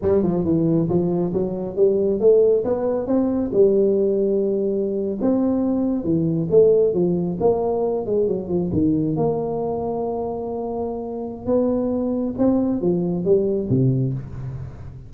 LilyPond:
\new Staff \with { instrumentName = "tuba" } { \time 4/4 \tempo 4 = 136 g8 f8 e4 f4 fis4 | g4 a4 b4 c'4 | g2.~ g8. c'16~ | c'4.~ c'16 e4 a4 f16~ |
f8. ais4. gis8 fis8 f8 dis16~ | dis8. ais2.~ ais16~ | ais2 b2 | c'4 f4 g4 c4 | }